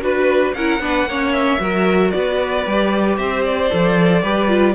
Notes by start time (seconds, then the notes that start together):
0.00 D4 F#4 B4
0.53 C#4 E4 A#4 F#5
0.79 B3 D4 B4
1.04 A#3 C#4 C#5
1.32 E5
1.59 F#3 F#4 A#4
2.10 B3 D5
2.16 B4
2.65 G3 G4
3.17 C4 C5 E5
3.44 D5
3.70 F3 A4
4.22 G3 G4 B4
4.47 F4